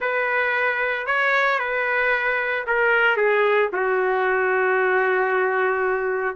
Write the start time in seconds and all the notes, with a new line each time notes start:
0.00 B4
1.06 C#5
1.59 B4
2.66 A#4
3.17 G#4
3.72 F#4